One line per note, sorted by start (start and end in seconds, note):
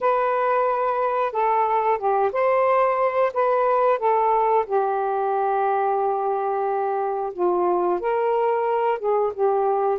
0.00 1.32 B4
1.32 1.98 A4
1.98 2.31 G4
2.32 3.32 C5
3.33 3.98 B4
3.98 4.65 A4
4.66 7.32 G4
7.33 8.00 F4
8.00 8.98 A#4
8.98 9.32 G#4
9.33 9.98 G4